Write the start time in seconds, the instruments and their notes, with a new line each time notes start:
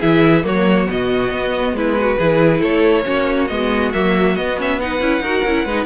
0.00 cello E3, viola E4, violin G#4 E5
0.43 cello F#3, viola A#3, violin F#4 C#5
0.86 cello B2, viola B3, violin D#5
1.31 cello B3
1.73 cello G#3, violin E4 B4
2.00 violin F#4
2.18 cello E3, viola E4, violin G#4
2.60 cello A3, violin A4 C#5
3.04 cello A#3, viola C#4, violin F#4
3.48 cello G#3, viola B3, violin D#5
3.93 cello F#3, viola A#3, violin E5
4.36 cello B3, viola B3, violin D#5
4.58 viola C#4, violin E5
4.80 viola D#4, violin B4 F#5
5.01 cello C#4, viola E4
5.21 cello D#4, viola F#4, violin A#4
5.45 cello C#4, viola E4
5.65 cello G#3, viola D#4, violin B4